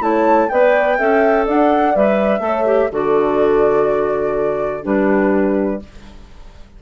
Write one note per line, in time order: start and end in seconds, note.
0.00 0.48 A3
0.00 0.48 E4
0.00 0.51 C#5
0.00 0.49 A5
0.49 0.99 B3
0.49 0.98 B4
0.49 0.98 D5
0.49 1.46 G5
0.98 1.47 C#4
0.98 1.95 A4
0.98 1.46 E5
1.46 1.96 D4
1.46 2.43 D5
1.46 1.96 F#5
1.95 2.40 G3
1.95 2.41 B4
1.95 2.92 E5
2.40 2.88 A3
2.40 2.65 A4
2.46 2.91 C#5
2.66 2.90 G4
2.91 4.85 D3
2.91 4.83 F#4
2.91 4.84 A4
2.91 4.85 D5
4.83 5.82 G3
4.83 5.80 D4
4.83 5.80 G4
4.83 5.82 B4